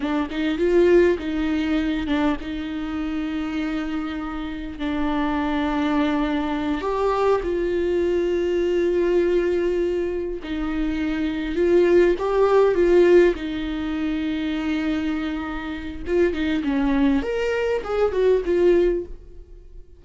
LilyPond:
\new Staff \with { instrumentName = "viola" } { \time 4/4 \tempo 4 = 101 d'8 dis'8 f'4 dis'4. d'8 | dis'1 | d'2.~ d'8 g'8~ | g'8 f'2.~ f'8~ |
f'4. dis'2 f'8~ | f'8 g'4 f'4 dis'4.~ | dis'2. f'8 dis'8 | cis'4 ais'4 gis'8 fis'8 f'4 | }